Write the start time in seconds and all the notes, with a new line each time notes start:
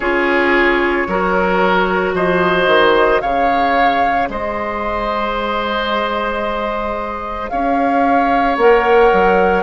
0.00 C#4 F4 G#4 C#5
1.07 F#3 F#4 A#4
2.13 F3 C5 D#5
2.66 D#3
3.21 C#3 G#4 C#5 F5
4.28 G#3 C5 D#5
7.48 C#4 C#5 F5
8.57 A#3 A#4 F#5
9.12 F#3